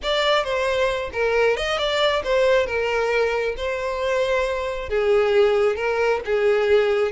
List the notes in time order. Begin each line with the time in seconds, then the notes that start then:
0.02 D5
0.43 C5
1.13 A#4
1.57 D#5
1.78 D5
2.24 C5
2.66 A#4
3.57 C5
4.89 G#4
5.76 A#4
6.25 G#4